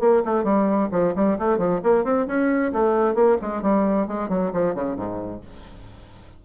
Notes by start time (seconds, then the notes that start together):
0.00 A#3
0.25 A3
0.44 G3
0.92 F3
1.16 G3
1.39 A3
1.58 F3
1.84 A#3
2.04 C4
2.27 C#4
2.73 A3
3.15 A#3
3.42 G#3
3.63 G3
4.07 G#3
4.29 F#3
4.53 F3
4.75 C#3
4.96 G#2